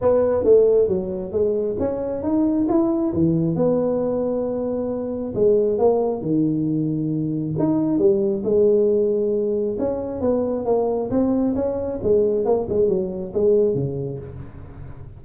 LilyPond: \new Staff \with { instrumentName = "tuba" } { \time 4/4 \tempo 4 = 135 b4 a4 fis4 gis4 | cis'4 dis'4 e'4 e4 | b1 | gis4 ais4 dis2~ |
dis4 dis'4 g4 gis4~ | gis2 cis'4 b4 | ais4 c'4 cis'4 gis4 | ais8 gis8 fis4 gis4 cis4 | }